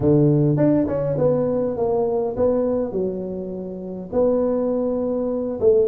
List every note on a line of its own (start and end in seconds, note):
0.00 0.56 D3
0.56 0.86 D4
0.87 1.17 C#4
1.17 1.76 B3
1.76 2.35 A#3
2.36 2.92 B3
2.92 4.09 F#3
4.12 5.59 B3
5.60 5.87 A3